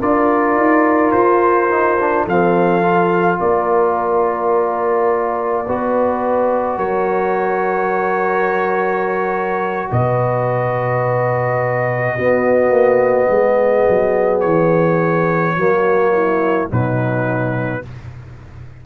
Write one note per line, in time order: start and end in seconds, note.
0.00 0.56 D4
0.00 1.70 F4
0.00 2.25 A#4
0.00 1.12 D5
0.56 1.13 D#4
1.12 2.26 F4
1.12 2.25 C5
1.70 1.99 D#4
2.00 2.29 D4
2.25 3.40 F3
2.25 2.83 C4
2.25 3.38 A4
2.25 3.40 F5
2.83 5.66 F4
3.40 5.68 A#3
3.40 5.66 A#4
3.40 6.79 D5
5.66 6.79 B3
5.66 12.19 F#4
5.66 6.78 B4
6.78 9.90 F#3
6.78 9.89 A#4
6.78 9.90 C#5
9.92 12.19 B2
9.92 12.16 B4
9.92 14.41 D#5
12.16 12.71 B3
12.16 15.57 B3
12.16 13.29 F#4
12.71 13.27 A#3
13.29 13.85 G#3
13.29 15.57 G#4
13.89 14.45 F#3
14.41 15.57 E3
14.41 16.67 C#5
15.57 16.71 F#3
15.57 16.70 A#3
15.57 16.13 F#4
16.13 16.70 E4
16.70 17.85 B2
16.70 17.83 F#3
16.70 17.83 D#4
16.70 17.86 B4